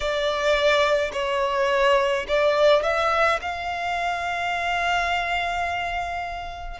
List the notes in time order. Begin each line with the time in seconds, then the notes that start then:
0.00 D5
1.12 C#5
2.27 D5
2.83 E5
3.41 F5